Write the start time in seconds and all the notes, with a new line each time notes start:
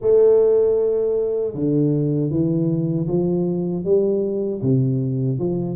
0.01 A3
1.54 D3
2.30 E3
3.07 F3
3.84 G3
4.62 C3
5.38 F3